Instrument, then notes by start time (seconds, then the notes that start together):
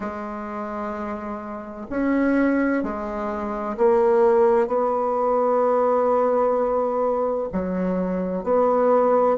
bassoon
0.00 G#3
1.90 C#4
2.83 G#3
3.77 A#3
4.67 B3
7.52 F#3
8.43 B3